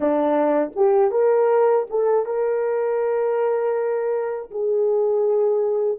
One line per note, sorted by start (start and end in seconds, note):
0.00 0.72 D4
0.75 1.11 G4
1.11 1.86 A#4
1.90 2.25 A4
2.25 4.50 A#4
4.50 5.98 G#4